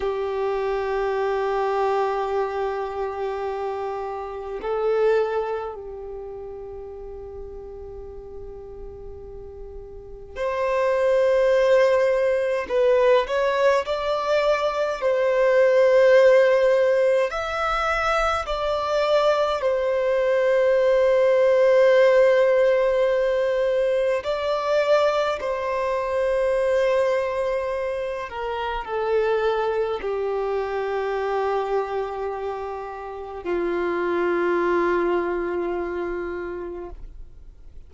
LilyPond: \new Staff \with { instrumentName = "violin" } { \time 4/4 \tempo 4 = 52 g'1 | a'4 g'2.~ | g'4 c''2 b'8 cis''8 | d''4 c''2 e''4 |
d''4 c''2.~ | c''4 d''4 c''2~ | c''8 ais'8 a'4 g'2~ | g'4 f'2. | }